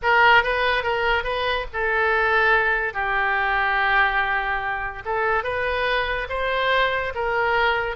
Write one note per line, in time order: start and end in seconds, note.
0.02 0.43 A#4
0.43 0.83 B4
0.83 1.23 A#4
1.23 1.65 B4
1.73 2.93 A4
2.93 5.03 G4
5.05 5.43 A4
5.43 6.27 B4
6.29 7.13 C5
7.14 7.95 A#4